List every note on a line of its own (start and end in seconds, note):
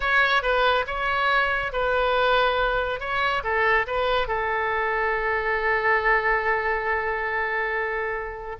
0.00 0.42 C#5
0.42 0.85 B4
0.86 1.72 C#5
1.72 3.00 B4
3.00 3.43 C#5
3.43 3.86 A4
3.86 4.27 B4
4.27 8.56 A4